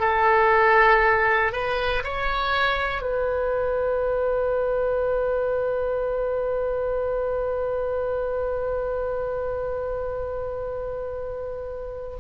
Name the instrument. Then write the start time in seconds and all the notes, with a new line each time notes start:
oboe
0.00 A4
1.53 B4
2.04 C#5
3.02 B4